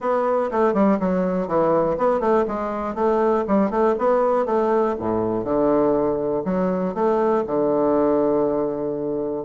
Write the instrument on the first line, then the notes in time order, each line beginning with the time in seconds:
bassoon
0.00 B3
0.51 A3
0.73 G3
0.99 F#3
1.47 E3
1.97 B3
2.20 A3
2.47 G#3
2.94 A3
3.47 G3
3.70 A3
3.98 B3
4.45 A3
4.98 A2
5.44 D3
6.45 F#3
6.94 A3
7.46 D3